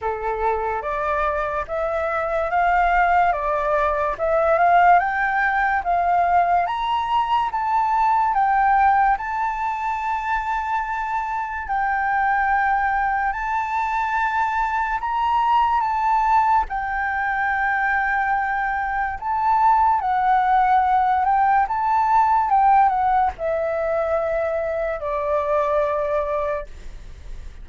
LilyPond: \new Staff \with { instrumentName = "flute" } { \time 4/4 \tempo 4 = 72 a'4 d''4 e''4 f''4 | d''4 e''8 f''8 g''4 f''4 | ais''4 a''4 g''4 a''4~ | a''2 g''2 |
a''2 ais''4 a''4 | g''2. a''4 | fis''4. g''8 a''4 g''8 fis''8 | e''2 d''2 | }